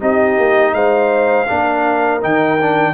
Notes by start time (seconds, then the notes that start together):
0.00 C4 D#4 G4 D#5
0.37 A#3
0.73 G#3 C5 F5
1.47 A#3 D4 A#4
2.21 D#3 D#4 G5
2.61 D4